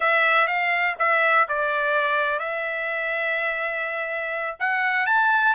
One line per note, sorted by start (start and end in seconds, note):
0.00 0.47 E5
0.47 0.95 F5
0.99 1.47 E5
1.48 2.39 D5
2.39 4.56 E5
4.59 5.06 F#5
5.06 5.54 A5